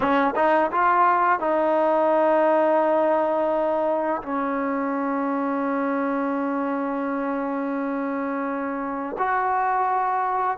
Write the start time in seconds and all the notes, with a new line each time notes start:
0.00 C#4
0.35 D#4
0.71 F4
1.39 D#4
4.22 C#4
9.18 F#4